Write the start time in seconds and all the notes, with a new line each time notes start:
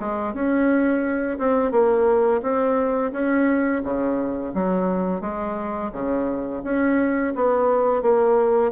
0.00 G#3
0.34 C#4
1.39 C4
1.72 A#3
2.43 C4
3.13 C#4
3.84 C#3
4.55 F#3
5.22 G#3
5.93 C#3
6.64 C#4
7.36 B3
8.03 A#3